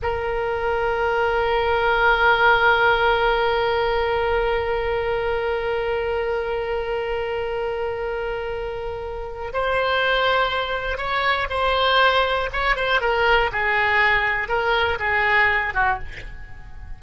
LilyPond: \new Staff \with { instrumentName = "oboe" } { \time 4/4 \tempo 4 = 120 ais'1~ | ais'1~ | ais'1~ | ais'1~ |
ais'2. c''4~ | c''2 cis''4 c''4~ | c''4 cis''8 c''8 ais'4 gis'4~ | gis'4 ais'4 gis'4. fis'8 | }